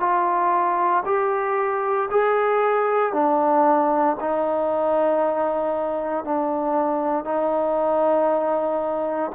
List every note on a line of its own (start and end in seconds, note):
0.00 1.03 F4
1.06 2.09 G4
2.11 3.13 G#4
3.13 4.17 D4
4.21 6.25 D#4
6.25 7.25 D4
7.25 9.32 D#4